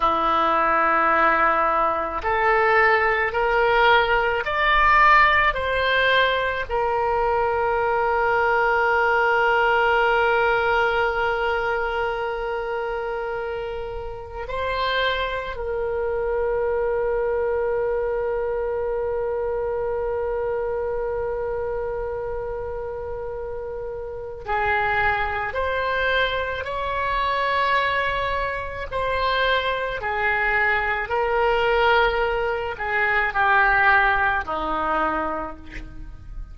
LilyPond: \new Staff \with { instrumentName = "oboe" } { \time 4/4 \tempo 4 = 54 e'2 a'4 ais'4 | d''4 c''4 ais'2~ | ais'1~ | ais'4 c''4 ais'2~ |
ais'1~ | ais'2 gis'4 c''4 | cis''2 c''4 gis'4 | ais'4. gis'8 g'4 dis'4 | }